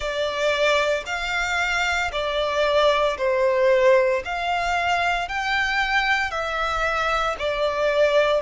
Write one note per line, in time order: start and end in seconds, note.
0.00 1.03 D5
1.06 2.11 F5
2.11 3.17 D5
3.17 4.22 C5
4.24 5.28 F5
5.28 6.31 G5
6.31 7.36 E5
7.38 8.41 D5